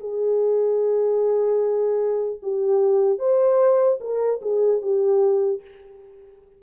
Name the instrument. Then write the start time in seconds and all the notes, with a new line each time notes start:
horn
0.00 G#4
2.42 G4
3.19 C5
4.00 A#4
4.42 G#4
4.81 G4